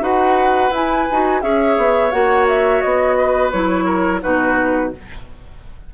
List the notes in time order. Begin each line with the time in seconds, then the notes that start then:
0.00 D#4 F#4 B4 F#5
0.70 E4 G#5
1.11 D#4 F#4
1.41 C#4 G#4 C#5 E5
1.77 B3
2.11 A#3 F#4 F#5
2.48 E5
2.81 B3 D#5
3.17 B4
3.51 F#3 E4 C#5
3.85 A#4
4.21 B2 D#4 F#4 B4